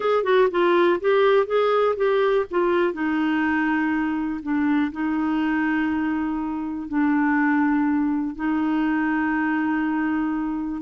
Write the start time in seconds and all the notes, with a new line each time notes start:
0.00 G#4
0.23 F#4
0.51 F4
1.00 G4
1.46 G#4
1.96 G4
2.50 F4
2.93 D#4
4.42 D4
4.92 D#4
6.88 D4
8.35 D#4